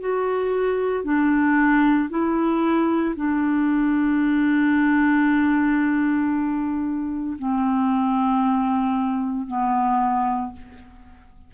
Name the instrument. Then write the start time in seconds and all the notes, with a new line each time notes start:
clarinet
0.00 F#4
1.04 D4
2.10 E4
3.16 D4
7.38 C4
9.47 B3